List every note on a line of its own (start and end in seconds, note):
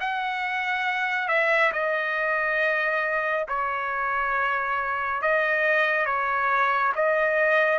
0.00 1.28 F#5
1.28 1.72 E5
1.73 3.47 D#5
3.48 5.22 C#5
5.22 6.06 D#5
6.06 6.92 C#5
6.95 7.79 D#5